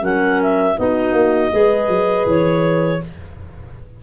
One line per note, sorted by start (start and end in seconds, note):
0.00 0.76 F#3
0.00 0.74 C#4
0.00 0.76 A#4
0.00 0.42 F#5
0.42 0.78 E5
0.77 1.12 B3
0.77 1.51 D#4
0.77 1.53 F#4
0.77 2.26 D#5
1.12 1.50 A#3
1.52 1.88 G#3
1.52 3.00 G#4
1.52 3.02 B4
1.88 2.25 F#3
2.26 3.00 E3
2.26 3.03 C#5